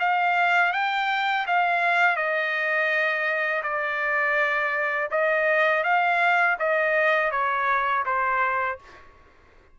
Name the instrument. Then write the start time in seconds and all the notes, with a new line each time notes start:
trumpet
0.00 F5
0.73 G5
1.47 F5
2.17 D#5
3.63 D5
5.11 D#5
5.84 F5
6.60 D#5
7.32 C#5
8.06 C5